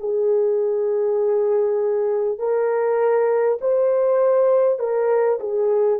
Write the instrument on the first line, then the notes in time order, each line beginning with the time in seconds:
horn
0.00 G#4
2.39 A#4
3.61 C5
4.79 A#4
5.40 G#4